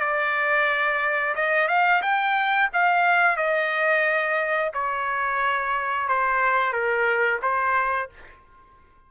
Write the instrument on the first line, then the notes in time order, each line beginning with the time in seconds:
trumpet
0.00 D5
1.35 D#5
1.68 F5
2.02 G5
2.73 F5
3.37 D#5
4.73 C#5
6.09 C5
6.73 A#4
7.42 C5